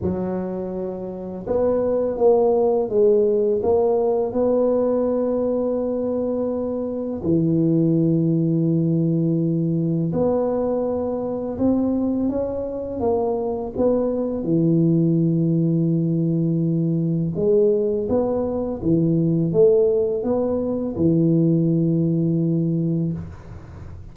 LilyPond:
\new Staff \with { instrumentName = "tuba" } { \time 4/4 \tempo 4 = 83 fis2 b4 ais4 | gis4 ais4 b2~ | b2 e2~ | e2 b2 |
c'4 cis'4 ais4 b4 | e1 | gis4 b4 e4 a4 | b4 e2. | }